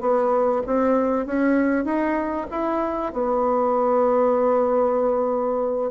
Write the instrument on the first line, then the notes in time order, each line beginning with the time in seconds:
bassoon
0.00 B3
0.66 C4
1.26 C#4
1.85 D#4
2.51 E4
3.13 B3